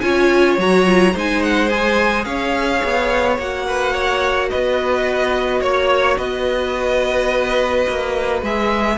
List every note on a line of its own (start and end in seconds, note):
0.00 0.58 C#4
0.00 0.58 F4
0.00 1.13 C#5
0.00 0.56 G#5
0.58 1.14 F#3
0.58 0.85 F#4
0.58 1.17 A#5
0.85 1.13 F4
1.13 2.25 G#3
1.13 1.69 D#4
1.13 2.25 C5
1.13 1.42 G#5
1.42 1.69 F#5
1.69 3.37 G#4
1.69 2.25 G#5
2.25 2.81 C#4
2.25 3.66 C#5
2.25 3.37 F5
2.84 3.38 B3
3.38 4.50 A#3
3.38 8.44 F#4
3.38 4.50 F#5
3.67 3.93 B4
3.93 4.49 C#5
4.50 5.61 B3
4.50 5.61 B4
4.50 5.62 D#5
5.61 6.17 A#3
5.61 6.17 C#5
5.61 6.18 C#5
6.17 7.86 B3
6.17 8.97 B4
6.17 8.42 D#5
7.89 8.42 A#3
8.42 8.98 G#3
8.42 8.98 G#4
8.42 8.98 E5